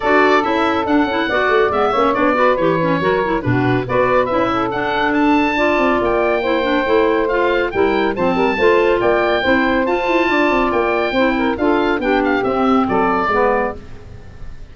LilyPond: <<
  \new Staff \with { instrumentName = "oboe" } { \time 4/4 \tempo 4 = 140 d''4 e''4 fis''2 | e''4 d''4 cis''2 | b'4 d''4 e''4 fis''4 | a''2 g''2~ |
g''4 f''4 g''4 a''4~ | a''4 g''2 a''4~ | a''4 g''2 f''4 | g''8 f''8 e''4 d''2 | }
  \new Staff \with { instrumentName = "saxophone" } { \time 4/4 a'2. d''4~ | d''8 cis''4 b'4. ais'4 | fis'4 b'4. a'4.~ | a'4 d''2 c''4~ |
c''2 ais'4 c''8 ais'8 | c''4 d''4 c''2 | d''2 c''8 ais'8 a'4 | g'2 a'4 b'4 | }
  \new Staff \with { instrumentName = "clarinet" } { \time 4/4 fis'4 e'4 d'8 e'8 fis'4 | b8 cis'8 d'8 fis'8 g'8 cis'8 fis'8 e'8 | d'4 fis'4 e'4 d'4~ | d'4 f'2 e'8 d'8 |
e'4 f'4 e'4 c'4 | f'2 e'4 f'4~ | f'2 e'4 f'4 | d'4 c'2 b4 | }
  \new Staff \with { instrumentName = "tuba" } { \time 4/4 d'4 cis'4 d'8 cis'8 b8 a8 | gis8 ais8 b4 e4 fis4 | b,4 b4 cis'4 d'4~ | d'4. c'8 ais2 |
a2 g4 f8 g8 | a4 ais4 c'4 f'8 e'8 | d'8 c'8 ais4 c'4 d'4 | b4 c'4 fis4 gis4 | }
>>